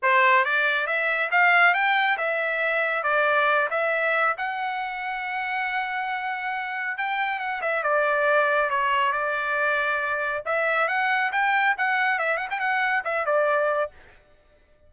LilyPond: \new Staff \with { instrumentName = "trumpet" } { \time 4/4 \tempo 4 = 138 c''4 d''4 e''4 f''4 | g''4 e''2 d''4~ | d''8 e''4. fis''2~ | fis''1 |
g''4 fis''8 e''8 d''2 | cis''4 d''2. | e''4 fis''4 g''4 fis''4 | e''8 fis''16 g''16 fis''4 e''8 d''4. | }